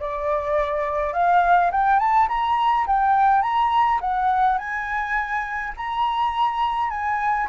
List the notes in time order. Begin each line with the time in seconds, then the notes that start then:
0.00 D5
1.13 F5
1.72 G5
2.00 A5
2.29 A#5
2.87 G5
3.42 A#5
4.01 F#5
4.58 G#5
5.77 A#5
6.90 G#5